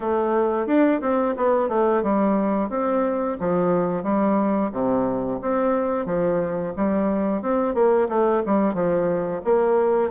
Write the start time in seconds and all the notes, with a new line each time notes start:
0.00 A3
0.66 D4
1.01 C4
1.37 B3
1.69 A3
2.03 G3
2.69 C4
3.39 F3
4.03 G3
4.72 C3
5.41 C4
6.05 F3
6.76 G3
7.42 C4
7.74 A#3
8.08 A3
8.46 G3
8.74 F3
9.44 A#3